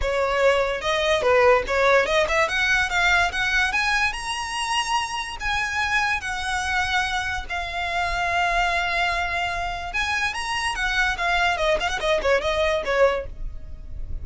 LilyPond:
\new Staff \with { instrumentName = "violin" } { \time 4/4 \tempo 4 = 145 cis''2 dis''4 b'4 | cis''4 dis''8 e''8 fis''4 f''4 | fis''4 gis''4 ais''2~ | ais''4 gis''2 fis''4~ |
fis''2 f''2~ | f''1 | gis''4 ais''4 fis''4 f''4 | dis''8 f''16 fis''16 dis''8 cis''8 dis''4 cis''4 | }